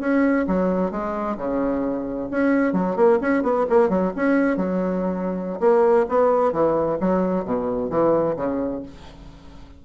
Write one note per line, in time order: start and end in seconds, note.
0.00 0.46 C#4
0.47 0.91 F#3
0.91 1.37 G#3
1.37 2.29 C#3
2.31 2.73 C#4
2.73 2.96 F#3
2.96 3.19 A#3
3.21 3.43 C#4
3.43 3.66 B3
3.70 3.90 A#3
3.90 4.12 F#3
4.16 4.57 C#4
4.57 5.60 F#3
5.60 6.06 A#3
6.09 6.52 B3
6.52 6.98 E3
7.00 7.45 F#3
7.45 7.90 B2
7.90 8.36 E3
8.37 8.82 C#3